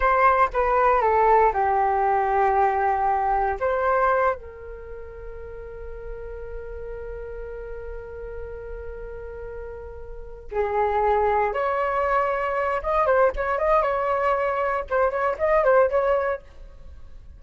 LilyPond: \new Staff \with { instrumentName = "flute" } { \time 4/4 \tempo 4 = 117 c''4 b'4 a'4 g'4~ | g'2. c''4~ | c''8 ais'2.~ ais'8~ | ais'1~ |
ais'1~ | ais'8 gis'2 cis''4.~ | cis''4 dis''8 c''8 cis''8 dis''8 cis''4~ | cis''4 c''8 cis''8 dis''8 c''8 cis''4 | }